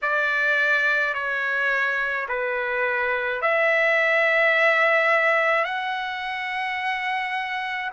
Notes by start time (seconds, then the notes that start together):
0.02 D5
1.13 C#5
2.28 B4
3.41 E5
5.64 F#5